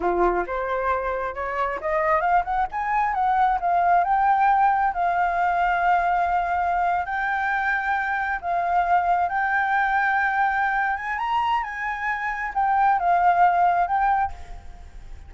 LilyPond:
\new Staff \with { instrumentName = "flute" } { \time 4/4 \tempo 4 = 134 f'4 c''2 cis''4 | dis''4 f''8 fis''8 gis''4 fis''4 | f''4 g''2 f''4~ | f''2.~ f''8. g''16~ |
g''2~ g''8. f''4~ f''16~ | f''8. g''2.~ g''16~ | g''8 gis''8 ais''4 gis''2 | g''4 f''2 g''4 | }